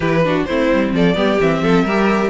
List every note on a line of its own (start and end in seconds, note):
0.00 0.44 E3
0.00 0.24 E4
0.00 0.22 G4
0.00 0.42 B4
0.24 0.47 D4
0.24 0.47 F#4
0.45 0.71 A3
0.45 1.14 C4
0.45 0.94 E4
0.45 0.91 C5
0.73 0.93 G3
0.93 1.15 F3
0.93 1.16 A4
0.93 1.40 D5
1.14 1.38 G3
1.14 1.37 B3
1.14 1.62 G4
1.39 1.61 E3
1.39 1.87 C4
1.39 2.30 E5
1.61 1.84 F3
1.61 1.84 A4
1.84 2.30 G3
1.84 2.30 G4
1.84 2.30 A#4